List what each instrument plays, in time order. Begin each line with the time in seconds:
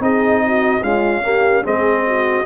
0.00 tuba C4, trombone D#4, horn G#4, trumpet D#5
0.46 horn F#4
0.82 trombone G#3, tuba C#4, horn F4, trumpet F5
1.23 trombone A#3, horn G4
1.63 tuba G#3, trombone C4, horn G#4, trumpet D#5
2.07 horn F#4